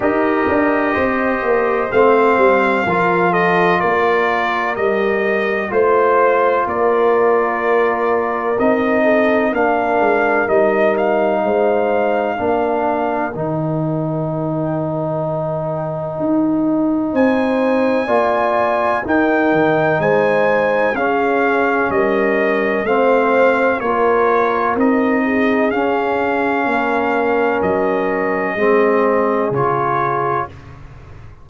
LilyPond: <<
  \new Staff \with { instrumentName = "trumpet" } { \time 4/4 \tempo 4 = 63 dis''2 f''4. dis''8 | d''4 dis''4 c''4 d''4~ | d''4 dis''4 f''4 dis''8 f''8~ | f''2 g''2~ |
g''2 gis''2 | g''4 gis''4 f''4 dis''4 | f''4 cis''4 dis''4 f''4~ | f''4 dis''2 cis''4 | }
  \new Staff \with { instrumentName = "horn" } { \time 4/4 ais'4 c''2 ais'8 a'8 | ais'2 c''4 ais'4~ | ais'4. a'8 ais'2 | c''4 ais'2.~ |
ais'2 c''4 d''4 | ais'4 c''4 gis'4 ais'4 | c''4 ais'4. gis'4. | ais'2 gis'2 | }
  \new Staff \with { instrumentName = "trombone" } { \time 4/4 g'2 c'4 f'4~ | f'4 g'4 f'2~ | f'4 dis'4 d'4 dis'4~ | dis'4 d'4 dis'2~ |
dis'2. f'4 | dis'2 cis'2 | c'4 f'4 dis'4 cis'4~ | cis'2 c'4 f'4 | }
  \new Staff \with { instrumentName = "tuba" } { \time 4/4 dis'8 d'8 c'8 ais8 a8 g8 f4 | ais4 g4 a4 ais4~ | ais4 c'4 ais8 gis8 g4 | gis4 ais4 dis2~ |
dis4 dis'4 c'4 ais4 | dis'8 dis8 gis4 cis'4 g4 | a4 ais4 c'4 cis'4 | ais4 fis4 gis4 cis4 | }
>>